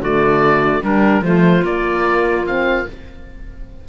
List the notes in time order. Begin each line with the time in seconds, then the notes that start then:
0.00 D3 A3 F#4 D5
0.81 G3 D4 A#4
1.21 F3 A3 F4 C5
1.64 A#3 D5
2.46 C4 F5